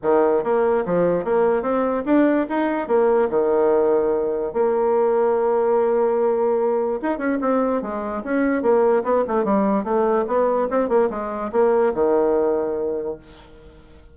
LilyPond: \new Staff \with { instrumentName = "bassoon" } { \time 4/4 \tempo 4 = 146 dis4 ais4 f4 ais4 | c'4 d'4 dis'4 ais4 | dis2. ais4~ | ais1~ |
ais4 dis'8 cis'8 c'4 gis4 | cis'4 ais4 b8 a8 g4 | a4 b4 c'8 ais8 gis4 | ais4 dis2. | }